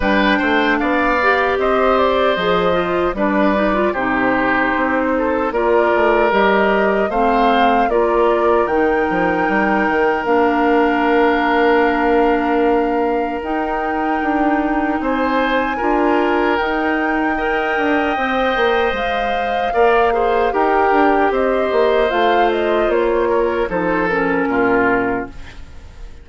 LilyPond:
<<
  \new Staff \with { instrumentName = "flute" } { \time 4/4 \tempo 4 = 76 g''4 f''4 dis''8 d''8 dis''4 | d''4 c''2 d''4 | dis''4 f''4 d''4 g''4~ | g''4 f''2.~ |
f''4 g''2 gis''4~ | gis''4 g''2. | f''2 g''4 dis''4 | f''8 dis''8 cis''4 c''8 ais'4. | }
  \new Staff \with { instrumentName = "oboe" } { \time 4/4 b'8 c''8 d''4 c''2 | b'4 g'4. a'8 ais'4~ | ais'4 c''4 ais'2~ | ais'1~ |
ais'2. c''4 | ais'2 dis''2~ | dis''4 d''8 c''8 ais'4 c''4~ | c''4. ais'8 a'4 f'4 | }
  \new Staff \with { instrumentName = "clarinet" } { \time 4/4 d'4. g'4. gis'8 f'8 | d'8 dis'16 f'16 dis'2 f'4 | g'4 c'4 f'4 dis'4~ | dis'4 d'2.~ |
d'4 dis'2. | f'4 dis'4 ais'4 c''4~ | c''4 ais'8 gis'8 g'2 | f'2 dis'8 cis'4. | }
  \new Staff \with { instrumentName = "bassoon" } { \time 4/4 g8 a8 b4 c'4 f4 | g4 c4 c'4 ais8 a8 | g4 a4 ais4 dis8 f8 | g8 dis8 ais2.~ |
ais4 dis'4 d'4 c'4 | d'4 dis'4. d'8 c'8 ais8 | gis4 ais4 dis'8 d'8 c'8 ais8 | a4 ais4 f4 ais,4 | }
>>